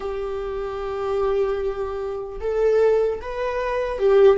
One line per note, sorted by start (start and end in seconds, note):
0.00 2.39 G4
2.40 3.20 A4
3.21 3.99 B4
3.99 4.37 G4